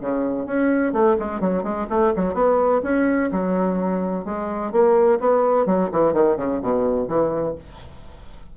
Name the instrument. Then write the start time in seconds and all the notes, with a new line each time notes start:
bassoon
0.00 C#3
0.46 C#4
0.92 A3
1.19 G#3
1.40 F#3
1.63 G#3
1.89 A3
2.16 F#3
2.34 B3
2.83 C#4
3.32 F#3
4.25 G#3
4.72 A#3
5.19 B3
5.66 F#3
5.92 E3
6.13 D#3
6.36 C#3
6.61 B2
7.08 E3